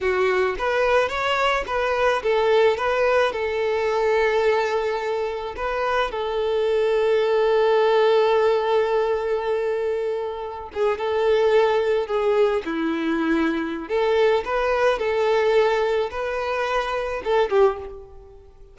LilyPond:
\new Staff \with { instrumentName = "violin" } { \time 4/4 \tempo 4 = 108 fis'4 b'4 cis''4 b'4 | a'4 b'4 a'2~ | a'2 b'4 a'4~ | a'1~ |
a'2.~ a'16 gis'8 a'16~ | a'4.~ a'16 gis'4 e'4~ e'16~ | e'4 a'4 b'4 a'4~ | a'4 b'2 a'8 g'8 | }